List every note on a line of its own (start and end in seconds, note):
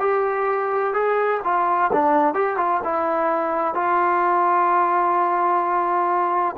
0.00 0.94 G4
0.94 1.41 G#4
1.44 1.91 F4
1.93 2.34 D4
2.34 2.57 G4
2.57 2.81 F4
2.84 3.75 E4
3.75 6.56 F4